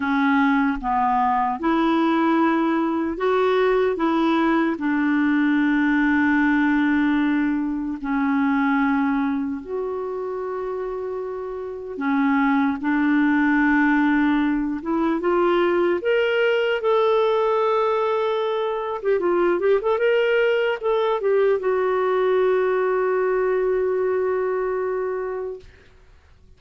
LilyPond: \new Staff \with { instrumentName = "clarinet" } { \time 4/4 \tempo 4 = 75 cis'4 b4 e'2 | fis'4 e'4 d'2~ | d'2 cis'2 | fis'2. cis'4 |
d'2~ d'8 e'8 f'4 | ais'4 a'2~ a'8. g'16 | f'8 g'16 a'16 ais'4 a'8 g'8 fis'4~ | fis'1 | }